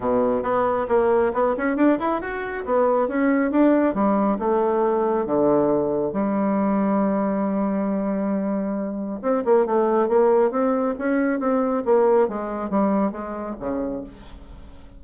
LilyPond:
\new Staff \with { instrumentName = "bassoon" } { \time 4/4 \tempo 4 = 137 b,4 b4 ais4 b8 cis'8 | d'8 e'8 fis'4 b4 cis'4 | d'4 g4 a2 | d2 g2~ |
g1~ | g4 c'8 ais8 a4 ais4 | c'4 cis'4 c'4 ais4 | gis4 g4 gis4 cis4 | }